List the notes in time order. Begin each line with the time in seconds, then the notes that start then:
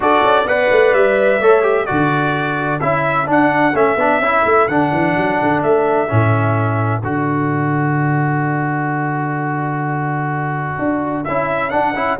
0.00 D4 F#4 A4 D5
0.22 C#4
0.44 B3 B4 D5 F#5
0.71 A3
0.93 G3 E5
1.40 A3 A4 C#5
1.62 G4
1.85 D3 F#4 A4 D5
2.80 C#4 E4 E5
3.26 D4 F#5
3.73 A3 C#4 E5
3.96 B3 D4
4.19 C#4 E4
4.45 A3
4.68 D3 D4 F#5
4.92 E3
5.16 F#3
5.41 D3
5.62 A3 E5
6.08 A2 C#4
7.02 D3 F#4 D5
10.78 D4
11.23 C#4 E4 E5
11.70 D4 F#5
11.95 C#4 E4